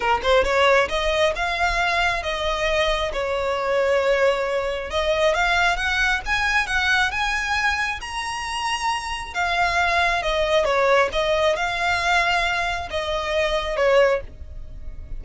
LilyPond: \new Staff \with { instrumentName = "violin" } { \time 4/4 \tempo 4 = 135 ais'8 c''8 cis''4 dis''4 f''4~ | f''4 dis''2 cis''4~ | cis''2. dis''4 | f''4 fis''4 gis''4 fis''4 |
gis''2 ais''2~ | ais''4 f''2 dis''4 | cis''4 dis''4 f''2~ | f''4 dis''2 cis''4 | }